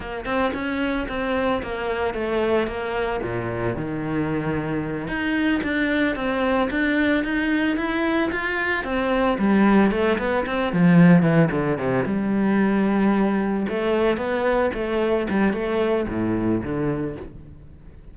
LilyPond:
\new Staff \with { instrumentName = "cello" } { \time 4/4 \tempo 4 = 112 ais8 c'8 cis'4 c'4 ais4 | a4 ais4 ais,4 dis4~ | dis4. dis'4 d'4 c'8~ | c'8 d'4 dis'4 e'4 f'8~ |
f'8 c'4 g4 a8 b8 c'8 | f4 e8 d8 c8 g4.~ | g4. a4 b4 a8~ | a8 g8 a4 a,4 d4 | }